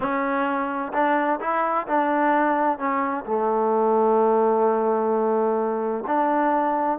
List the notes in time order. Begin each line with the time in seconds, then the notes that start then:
0.00 C#4
0.93 D4
1.40 E4
1.87 D4
2.78 C#4
3.25 A3
6.07 D4